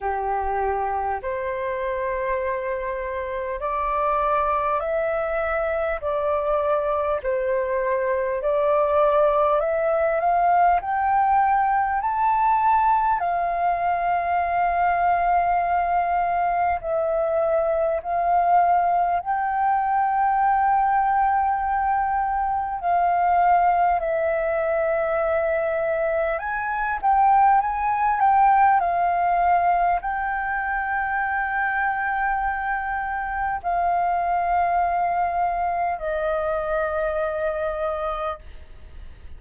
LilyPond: \new Staff \with { instrumentName = "flute" } { \time 4/4 \tempo 4 = 50 g'4 c''2 d''4 | e''4 d''4 c''4 d''4 | e''8 f''8 g''4 a''4 f''4~ | f''2 e''4 f''4 |
g''2. f''4 | e''2 gis''8 g''8 gis''8 g''8 | f''4 g''2. | f''2 dis''2 | }